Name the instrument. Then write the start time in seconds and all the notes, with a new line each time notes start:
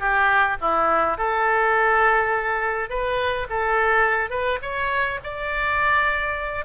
oboe
0.00 G4
0.61 E4
1.18 A4
2.90 B4
3.50 A4
4.30 B4
4.62 C#5
5.24 D5